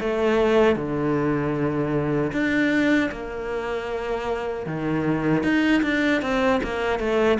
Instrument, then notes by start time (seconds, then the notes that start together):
cello
0.00 A3
0.76 D3
2.33 D4
3.12 A#3
4.66 D#3
5.43 D#4
5.83 D4
6.22 C4
6.63 A#3
7.00 A3